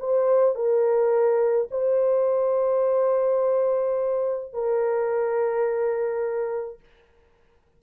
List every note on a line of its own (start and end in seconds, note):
0.00 0.55 C5
0.55 1.69 A#4
1.71 4.53 C5
4.53 6.80 A#4